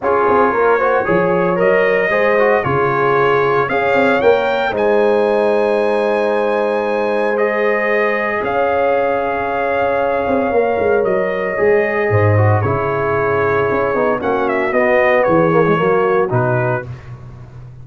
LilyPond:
<<
  \new Staff \with { instrumentName = "trumpet" } { \time 4/4 \tempo 4 = 114 cis''2. dis''4~ | dis''4 cis''2 f''4 | g''4 gis''2.~ | gis''2 dis''2 |
f''1~ | f''4 dis''2. | cis''2. fis''8 e''8 | dis''4 cis''2 b'4 | }
  \new Staff \with { instrumentName = "horn" } { \time 4/4 gis'4 ais'8 c''8 cis''2 | c''4 gis'2 cis''4~ | cis''4 c''2.~ | c''1 |
cis''1~ | cis''2. c''4 | gis'2. fis'4~ | fis'4 gis'4 fis'2 | }
  \new Staff \with { instrumentName = "trombone" } { \time 4/4 f'4. fis'8 gis'4 ais'4 | gis'8 fis'8 f'2 gis'4 | ais'4 dis'2.~ | dis'2 gis'2~ |
gis'1 | ais'2 gis'4. fis'8 | e'2~ e'8 dis'8 cis'4 | b4. ais16 gis16 ais4 dis'4 | }
  \new Staff \with { instrumentName = "tuba" } { \time 4/4 cis'8 c'8 ais4 f4 fis4 | gis4 cis2 cis'8 c'8 | ais4 gis2.~ | gis1 |
cis'2.~ cis'8 c'8 | ais8 gis8 fis4 gis4 gis,4 | cis2 cis'8 b8 ais4 | b4 e4 fis4 b,4 | }
>>